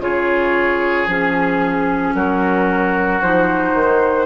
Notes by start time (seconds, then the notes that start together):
0.00 C#3 F4 G#4 C#5
1.06 F3 C#4 G#4
2.14 F#3 F#4 A#4
3.22 F3 D#4 C5
3.74 D#3